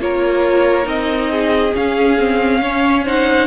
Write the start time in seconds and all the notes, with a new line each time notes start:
0.00 A#3 F4 A#4 C#5
0.83 C4 D#4 D#5
1.30 G#4
1.74 C#4 F5
2.18 C4
2.62 C#4 C#5
3.04 D#4 C5 F#5